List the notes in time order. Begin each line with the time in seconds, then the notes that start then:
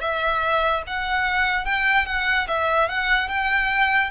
0.00 E5
0.87 F#5
1.65 G5
2.06 F#5
2.48 E5
2.88 F#5
3.28 G5